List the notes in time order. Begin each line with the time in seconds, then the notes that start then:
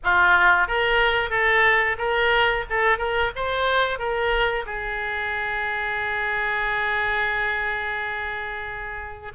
0.03 F4
0.67 A#4
1.30 A4
1.98 A#4
2.69 A4
2.98 A#4
3.35 C5
3.98 A#4
4.65 G#4